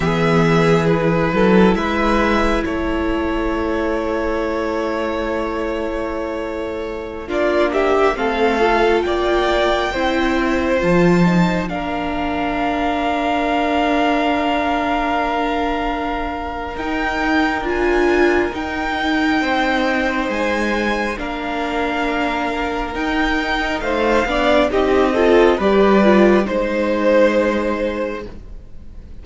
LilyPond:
<<
  \new Staff \with { instrumentName = "violin" } { \time 4/4 \tempo 4 = 68 e''4 b'4 e''4 cis''4~ | cis''1~ | cis''16 d''8 e''8 f''4 g''4.~ g''16~ | g''16 a''4 f''2~ f''8.~ |
f''2. g''4 | gis''4 g''2 gis''4 | f''2 g''4 f''4 | dis''4 d''4 c''2 | }
  \new Staff \with { instrumentName = "violin" } { \time 4/4 gis'4. a'8 b'4 a'4~ | a'1~ | a'16 f'8 g'8 a'4 d''4 c''8.~ | c''4~ c''16 ais'2~ ais'8.~ |
ais'1~ | ais'2 c''2 | ais'2. c''8 d''8 | g'8 a'8 b'4 c''2 | }
  \new Staff \with { instrumentName = "viola" } { \time 4/4 b4 e'2.~ | e'1~ | e'16 d'4 c'8 f'4. e'8.~ | e'16 f'8 dis'8 d'2~ d'8.~ |
d'2. dis'4 | f'4 dis'2. | d'2 dis'4. d'8 | dis'8 f'8 g'8 f'8 dis'2 | }
  \new Staff \with { instrumentName = "cello" } { \time 4/4 e4. fis8 gis4 a4~ | a1~ | a16 ais4 a4 ais4 c'8.~ | c'16 f4 ais2~ ais8.~ |
ais2. dis'4 | d'4 dis'4 c'4 gis4 | ais2 dis'4 a8 b8 | c'4 g4 gis2 | }
>>